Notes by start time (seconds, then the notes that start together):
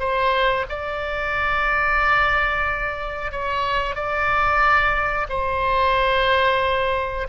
0.00 C5
0.70 D5
3.32 C#5
3.96 D5
5.30 C5